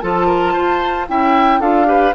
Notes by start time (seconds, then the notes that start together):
0.00 F3 F4 A4 A5
0.26 A#4
0.53 F4 C5
1.08 C#4 E4 E5 G5
1.60 D4 F4 A4 F5
1.85 G4 B4